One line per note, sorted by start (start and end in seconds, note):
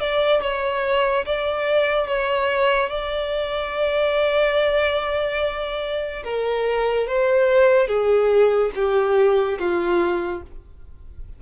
0.00 0.42 D5
0.42 1.25 C#5
1.25 2.07 D5
2.07 2.89 C#5
2.89 6.23 D5
6.24 7.07 A#4
7.07 7.87 C5
7.87 8.70 G#4
8.75 9.58 G4
9.58 10.42 F4